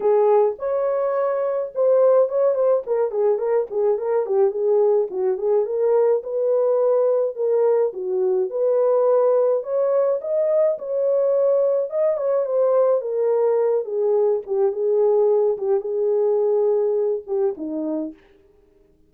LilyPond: \new Staff \with { instrumentName = "horn" } { \time 4/4 \tempo 4 = 106 gis'4 cis''2 c''4 | cis''8 c''8 ais'8 gis'8 ais'8 gis'8 ais'8 g'8 | gis'4 fis'8 gis'8 ais'4 b'4~ | b'4 ais'4 fis'4 b'4~ |
b'4 cis''4 dis''4 cis''4~ | cis''4 dis''8 cis''8 c''4 ais'4~ | ais'8 gis'4 g'8 gis'4. g'8 | gis'2~ gis'8 g'8 dis'4 | }